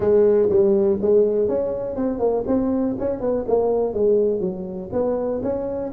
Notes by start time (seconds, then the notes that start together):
0.00 G#3
0.49 G3
1.01 G#3
1.48 C#4
1.95 C4
2.19 A#3
2.46 C4
2.99 C#4
3.20 B3
3.47 A#3
3.93 G#3
4.40 F#3
4.92 B3
5.42 C#4